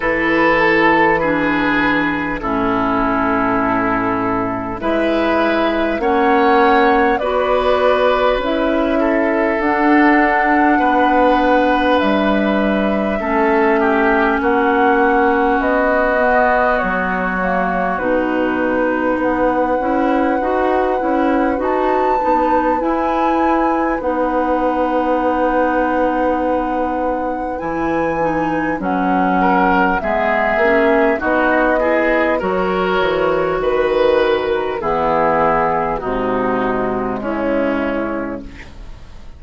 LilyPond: <<
  \new Staff \with { instrumentName = "flute" } { \time 4/4 \tempo 4 = 50 b'8 a'8 b'4 a'2 | e''4 fis''4 d''4 e''4 | fis''2 e''2 | fis''4 dis''4 cis''4 b'4 |
fis''2 a''4 gis''4 | fis''2. gis''4 | fis''4 e''4 dis''4 cis''4 | b'8 ais'8 gis'4 fis'4 e'4 | }
  \new Staff \with { instrumentName = "oboe" } { \time 4/4 a'4 gis'4 e'2 | b'4 cis''4 b'4. a'8~ | a'4 b'2 a'8 g'8 | fis'1 |
b'1~ | b'1~ | b'8 ais'8 gis'4 fis'8 gis'8 ais'4 | b'4 e'4 dis'4 cis'4 | }
  \new Staff \with { instrumentName = "clarinet" } { \time 4/4 e'4 d'4 cis'2 | e'4 cis'4 fis'4 e'4 | d'2. cis'4~ | cis'4. b4 ais8 dis'4~ |
dis'8 e'8 fis'8 e'8 fis'8 dis'8 e'4 | dis'2. e'8 dis'8 | cis'4 b8 cis'8 dis'8 e'8 fis'4~ | fis'4 b4 gis2 | }
  \new Staff \with { instrumentName = "bassoon" } { \time 4/4 e2 a,2 | gis4 ais4 b4 cis'4 | d'4 b4 g4 a4 | ais4 b4 fis4 b,4 |
b8 cis'8 dis'8 cis'8 dis'8 b8 e'4 | b2. e4 | fis4 gis8 ais8 b4 fis8 e8 | dis4 e4 c4 cis4 | }
>>